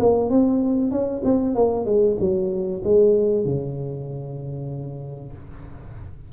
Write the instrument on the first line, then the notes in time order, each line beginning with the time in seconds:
tuba
0.00 A#3
0.30 C4
0.91 C#4
1.24 C4
1.55 A#3
1.86 G#3
2.20 F#3
2.84 G#3
3.45 C#3